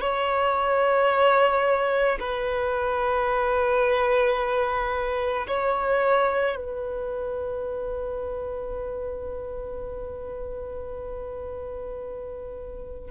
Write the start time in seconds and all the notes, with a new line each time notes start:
0.00 C#5
2.19 B4
5.47 C#5
6.56 B4